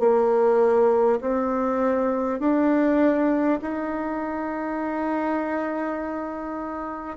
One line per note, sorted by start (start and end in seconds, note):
0.00 1.20 A#3
1.21 2.40 C4
2.40 3.60 D4
3.62 7.17 D#4